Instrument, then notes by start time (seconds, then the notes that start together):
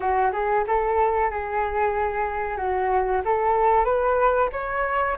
flute
0.00 F#4
0.32 G#4
0.67 A4
1.30 G#4
2.57 F#4
3.24 A4
3.84 B4
4.52 C#5